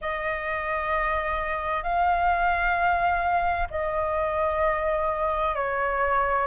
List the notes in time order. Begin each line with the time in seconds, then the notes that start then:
0.01 D#5
1.83 F5
3.70 D#5
5.55 C#5